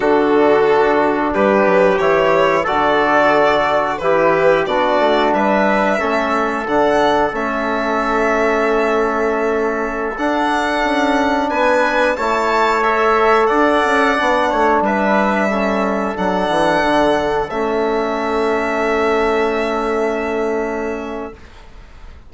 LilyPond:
<<
  \new Staff \with { instrumentName = "violin" } { \time 4/4 \tempo 4 = 90 a'2 b'4 cis''4 | d''2 b'4 d''4 | e''2 fis''4 e''4~ | e''2.~ e''16 fis''8.~ |
fis''4~ fis''16 gis''4 a''4 e''8.~ | e''16 fis''2 e''4.~ e''16~ | e''16 fis''2 e''4.~ e''16~ | e''1 | }
  \new Staff \with { instrumentName = "trumpet" } { \time 4/4 fis'2 g'2 | a'2 g'4 fis'4 | b'4 a'2.~ | a'1~ |
a'4~ a'16 b'4 cis''4.~ cis''16~ | cis''16 d''4. cis''8 b'4 a'8.~ | a'1~ | a'1 | }
  \new Staff \with { instrumentName = "trombone" } { \time 4/4 d'2. e'4 | fis'2 e'4 d'4~ | d'4 cis'4 d'4 cis'4~ | cis'2.~ cis'16 d'8.~ |
d'2~ d'16 e'4 a'8.~ | a'4~ a'16 d'2 cis'8.~ | cis'16 d'2 cis'4.~ cis'16~ | cis'1 | }
  \new Staff \with { instrumentName = "bassoon" } { \time 4/4 d2 g8 fis8 e4 | d2 e4 b8 a8 | g4 a4 d4 a4~ | a2.~ a16 d'8.~ |
d'16 cis'4 b4 a4.~ a16~ | a16 d'8 cis'8 b8 a8 g4.~ g16~ | g16 fis8 e8 d4 a4.~ a16~ | a1 | }
>>